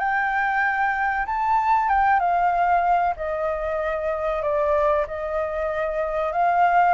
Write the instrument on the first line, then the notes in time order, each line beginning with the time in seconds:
flute
0.00 G5
1.26 A5
1.89 G5
2.20 F5
3.17 D#5
4.43 D5
5.08 D#5
6.33 F5